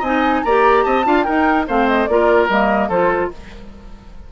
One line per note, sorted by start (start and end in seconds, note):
0.00 0.43 C4
0.00 0.46 D#4
0.00 0.41 D#5
0.00 0.43 G#5
0.43 0.86 A#3
0.43 1.05 G4
0.43 0.85 D5
0.43 0.84 A#5
0.84 1.06 C4
0.84 1.06 D#5
0.84 1.23 A5
1.05 1.26 D4
1.05 1.25 F4
1.05 1.25 F5
1.23 1.68 D#4
1.23 1.69 D#4
1.23 1.66 A#4
1.23 1.65 G5
1.68 2.08 A3
1.68 2.09 C4
1.68 2.09 C5
1.68 1.88 F5
1.88 2.07 D#5
2.07 2.49 A#3
2.07 2.50 F4
2.07 2.89 A#4
2.07 2.48 D5
2.49 2.89 G3
2.49 2.91 A#3
2.49 2.90 D#5
2.89 3.31 F3
2.89 3.32 F4
2.89 3.30 A4
2.89 3.31 C5